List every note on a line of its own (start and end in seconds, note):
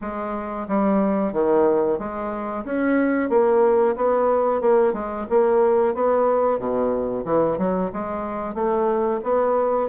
0.01 0.67 G#3
0.67 1.32 G3
1.32 1.98 D#3
1.98 2.64 G#3
2.64 3.29 C#4
3.29 3.95 A#3
3.96 4.61 B3
4.61 4.93 A#3
4.93 5.26 G#3
5.29 5.94 A#3
5.94 6.58 B3
6.58 7.24 B2
7.25 7.58 E3
7.58 7.91 F#3
7.92 8.54 G#3
8.54 9.20 A3
9.23 9.89 B3